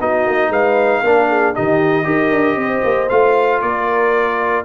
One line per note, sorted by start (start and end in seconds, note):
0.00 0.26 B3
0.00 1.04 D#4
0.00 0.50 F#4
0.00 0.52 D#5
0.26 0.49 A#3
0.49 1.01 G#3
0.49 1.01 B4
0.49 1.55 F5
1.03 1.55 A#3
1.03 1.54 D4
1.03 1.28 A#4
1.28 1.54 G#4
1.54 2.05 D#3
1.54 2.04 D#4
1.54 2.06 G4
1.54 3.09 D#5
2.04 2.31 D#4
2.04 3.07 G4
2.04 2.58 A#4
2.31 2.56 D4
2.56 2.82 C4
2.56 3.62 C5
2.84 3.10 A#3
3.09 3.62 A3
3.09 4.65 F4
3.09 3.61 F5
3.62 4.65 A#3
3.62 4.65 A#4
3.62 4.65 D5